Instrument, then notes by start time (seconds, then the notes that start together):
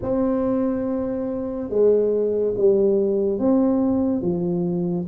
tuba
0.02 C4
1.69 G#3
2.57 G3
3.38 C4
4.21 F3